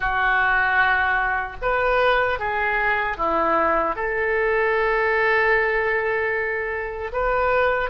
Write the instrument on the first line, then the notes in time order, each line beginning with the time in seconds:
oboe
0.00 F#4
1.61 B4
2.39 G#4
3.17 E4
3.95 A4
7.12 B4